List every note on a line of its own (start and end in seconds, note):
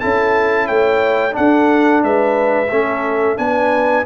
0.00 0.69 C#4
0.00 1.31 E4
0.00 0.66 A4
0.00 0.67 A5
0.66 1.36 A3
0.66 1.33 C#5
0.66 1.34 G5
1.31 2.66 D4
1.31 2.04 A4
1.31 2.03 F#5
1.37 2.03 D4
2.03 2.71 G#3
2.03 2.71 B4
2.03 3.37 E5
2.71 3.38 A3
2.71 3.36 C#4
2.71 3.38 A4
3.36 4.05 B3
3.36 4.04 D4
3.36 4.06 B4
3.36 4.05 G#5